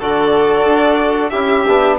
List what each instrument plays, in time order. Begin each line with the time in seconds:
0.00 bassoon D3, trombone F#4, violin A4 D5
0.65 bassoon D4
1.30 bassoon C#4, trombone E4, violin G4 E5
1.68 bassoon B3, trombone D4